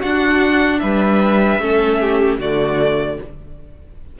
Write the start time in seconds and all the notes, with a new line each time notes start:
0.00 D4 F#4 F#5
0.79 G3 B4 E5
1.59 A3 C#4 A4
2.00 G4
2.39 D3 A3 F#4 D5